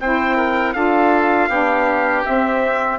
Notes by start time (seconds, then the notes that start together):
0.00 C4 E4 C5 G5
0.37 A#4
0.74 D4 F4 A4 F5
1.48 B3 D4 G4
2.25 C4 E5